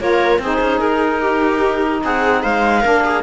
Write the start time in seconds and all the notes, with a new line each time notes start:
0.00 A#3 F4 A#4 C#5
0.39 C4 D#4 G#4 C5
0.61 C#4
0.80 D#4 A#4
1.21 G4
2.04 C4 G#4 F#5
2.43 G#3 C5 F5
2.82 A#3 D4 A#4
3.04 G#4